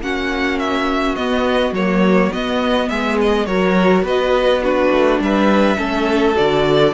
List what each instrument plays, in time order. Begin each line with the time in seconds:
0.00 cello A#3, viola C#4, violin F#4 F#5
0.59 violin E5
1.16 cello B3, viola B3, violin D#5
1.72 cello F#3, viola A#3, violin C#5
2.32 viola B3, cello B3, violin D#5
2.89 cello G#3, violin G#4 E5
3.21 violin D#5
3.46 cello F#3, viola F#4, violin A#4 C#5
4.03 cello B3, violin B4 D#5
4.63 viola D4, violin F#4 B4
4.91 cello A3
5.20 cello G3, violin B4 E5
5.77 cello A3, viola C#4, violin A4
6.35 cello D3, viola F#4, violin D5